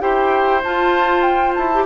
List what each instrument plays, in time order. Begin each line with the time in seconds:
0.00 bassoon E4, clarinet G4, oboe C5, flute G5
0.64 bassoon F4, clarinet F4, flute A5
1.23 flute G5
1.55 bassoon E4, flute A5
1.73 clarinet G4